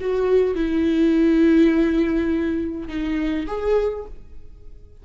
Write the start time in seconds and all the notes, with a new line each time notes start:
0.00 F#4
0.55 E4
2.88 D#4
3.47 G#4